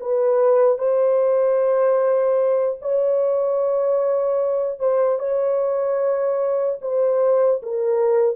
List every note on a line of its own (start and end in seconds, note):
0.00 0.78 B4
0.78 2.78 C5
2.81 4.79 C#5
4.79 5.19 C5
5.19 6.79 C#5
6.81 7.61 C5
7.62 8.36 A#4